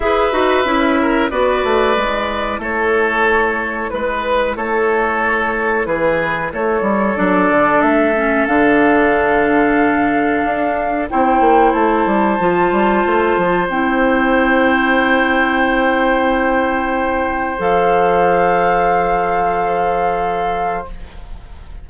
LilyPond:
<<
  \new Staff \with { instrumentName = "flute" } { \time 4/4 \tempo 4 = 92 e''2 d''2 | cis''2 b'4 cis''4~ | cis''4 b'4 cis''4 d''4 | e''4 f''2.~ |
f''4 g''4 a''2~ | a''4 g''2.~ | g''2. f''4~ | f''1 | }
  \new Staff \with { instrumentName = "oboe" } { \time 4/4 b'4. ais'8 b'2 | a'2 b'4 a'4~ | a'4 gis'4 a'2~ | a'1~ |
a'4 c''2.~ | c''1~ | c''1~ | c''1 | }
  \new Staff \with { instrumentName = "clarinet" } { \time 4/4 gis'8 fis'8 e'4 fis'4 e'4~ | e'1~ | e'2. d'4~ | d'8 cis'8 d'2.~ |
d'4 e'2 f'4~ | f'4 e'2.~ | e'2. a'4~ | a'1 | }
  \new Staff \with { instrumentName = "bassoon" } { \time 4/4 e'8 dis'8 cis'4 b8 a8 gis4 | a2 gis4 a4~ | a4 e4 a8 g8 fis8 d8 | a4 d2. |
d'4 c'8 ais8 a8 g8 f8 g8 | a8 f8 c'2.~ | c'2. f4~ | f1 | }
>>